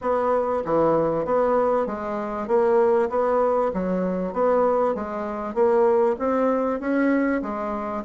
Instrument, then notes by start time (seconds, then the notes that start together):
bassoon
0.01 B3
0.65 E3
1.25 B3
1.86 G#3
2.47 A#3
3.09 B3
3.73 F#3
4.33 B3
4.94 G#3
5.54 A#3
6.19 C4
6.80 C#4
7.42 G#3